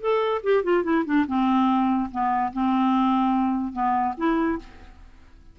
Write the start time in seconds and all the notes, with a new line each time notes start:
0.00 A4
0.43 G4
0.63 F4
0.84 E4
1.05 D4
1.27 C4
2.11 B3
2.53 C4
3.73 B3
4.17 E4